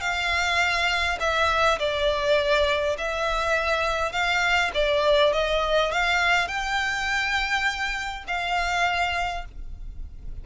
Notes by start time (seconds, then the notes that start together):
0.00 F5
1.20 E5
1.79 D5
2.97 E5
4.11 F5
4.74 D5
5.33 D#5
5.91 F5
6.47 G5
8.27 F5